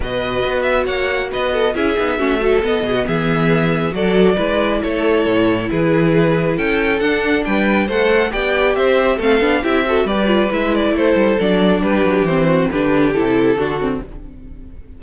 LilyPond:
<<
  \new Staff \with { instrumentName = "violin" } { \time 4/4 \tempo 4 = 137 dis''4. e''8 fis''4 dis''4 | e''2 dis''4 e''4~ | e''4 d''2 cis''4~ | cis''4 b'2 g''4 |
fis''4 g''4 fis''4 g''4 | e''4 f''4 e''4 d''4 | e''8 d''8 c''4 d''4 b'4 | c''4 b'4 a'2 | }
  \new Staff \with { instrumentName = "violin" } { \time 4/4 b'2 cis''4 b'8 a'8 | gis'4 fis'8 a'4 gis'16 fis'16 gis'4~ | gis'4 a'4 b'4 a'4~ | a'4 gis'2 a'4~ |
a'4 b'4 c''4 d''4 | c''4 a'4 g'8 a'8 b'4~ | b'4 a'2 g'4~ | g'8 fis'8 g'2 fis'4 | }
  \new Staff \with { instrumentName = "viola" } { \time 4/4 fis'1 | e'8 dis'8 cis'8 fis8 b2~ | b4 fis'4 e'2~ | e'1 |
d'2 a'4 g'4~ | g'4 c'8 d'8 e'8 fis'8 g'8 f'8 | e'2 d'2 | c'4 d'4 e'4 d'8 c'8 | }
  \new Staff \with { instrumentName = "cello" } { \time 4/4 b,4 b4 ais4 b4 | cis'8 b8 a4 b8 b,8 e4~ | e4 fis4 gis4 a4 | a,4 e2 cis'4 |
d'4 g4 a4 b4 | c'4 a8 b8 c'4 g4 | gis4 a8 g8 fis4 g8 fis8 | e4 d4 c4 d4 | }
>>